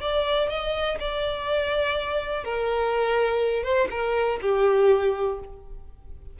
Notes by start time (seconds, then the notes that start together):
0.00 D5
0.49 D#5
1.00 D5
2.44 A#4
3.63 C5
3.90 A#4
4.41 G4